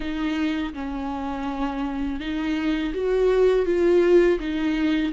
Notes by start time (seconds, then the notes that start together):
0.00 D#4
0.73 C#4
2.20 D#4
2.94 F#4
3.65 F4
4.39 D#4